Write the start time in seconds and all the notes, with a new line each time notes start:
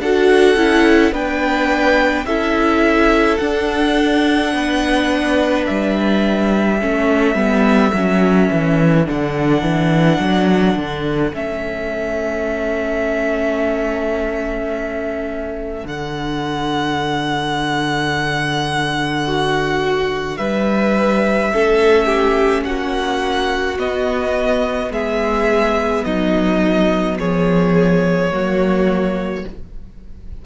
0.00 D4 F#4 A4 F#5
0.56 C#4 E4
1.12 B3 D4 B4 G5
2.25 C#4 E4 A4 E5
3.38 D4 F#5
4.53 B3 B4
5.66 G3 E5
6.79 A3 C#4 A4
7.35 G3 B3
7.94 F#3 C#4
8.52 E3
9.06 D3 D4 F#5
9.62 E3
10.19 F#3
10.76 D3
11.33 A3 C#4 E5
15.84 D3 D4 F#5
19.27 F#4
20.37 G3 B4 E5
21.52 A3 C#4 A4
22.06 G4
22.65 A#3 F#4 F#5
23.78 B3 D#5
24.91 G#3 G#4 E5
26.04 F#3 D#4 D#5
27.18 F3 G#4 C#5
28.31 F#3 A#3 F#4